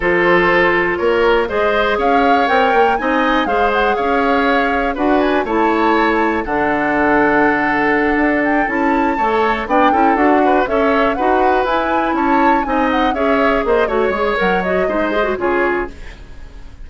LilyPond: <<
  \new Staff \with { instrumentName = "flute" } { \time 4/4 \tempo 4 = 121 c''2 cis''4 dis''4 | f''4 g''4 gis''4 f''8 fis''8 | f''2 fis''8 gis''8 a''4~ | a''4 fis''2.~ |
fis''4 g''8 a''2 g''8~ | g''8 fis''4 e''4 fis''4 gis''8~ | gis''8 a''4 gis''8 fis''8 e''4 dis''8 | cis''4 fis''8 dis''4. cis''4 | }
  \new Staff \with { instrumentName = "oboe" } { \time 4/4 a'2 ais'4 c''4 | cis''2 dis''4 c''4 | cis''2 b'4 cis''4~ | cis''4 a'2.~ |
a'2~ a'8 cis''4 d''8 | a'4 b'8 cis''4 b'4.~ | b'8 cis''4 dis''4 cis''4 c''8 | cis''2 c''4 gis'4 | }
  \new Staff \with { instrumentName = "clarinet" } { \time 4/4 f'2. gis'4~ | gis'4 ais'4 dis'4 gis'4~ | gis'2 fis'4 e'4~ | e'4 d'2.~ |
d'4. e'4 a'4 d'8 | e'8 fis'4 a'4 fis'4 e'8~ | e'4. dis'4 gis'4. | fis'8 gis'8 ais'8 fis'8 dis'8 gis'16 fis'16 f'4 | }
  \new Staff \with { instrumentName = "bassoon" } { \time 4/4 f2 ais4 gis4 | cis'4 c'8 ais8 c'4 gis4 | cis'2 d'4 a4~ | a4 d2.~ |
d8 d'4 cis'4 a4 b8 | cis'8 d'4 cis'4 dis'4 e'8~ | e'8 cis'4 c'4 cis'4 ais8 | a8 gis8 fis4 gis4 cis4 | }
>>